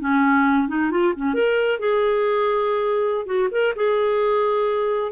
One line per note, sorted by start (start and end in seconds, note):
0.00 0.68 C#4
0.68 0.91 D#4
0.91 1.14 F4
1.16 1.34 C#4
1.34 1.79 A#4
1.79 3.26 G#4
3.26 3.49 F#4
3.51 3.74 A#4
3.76 5.12 G#4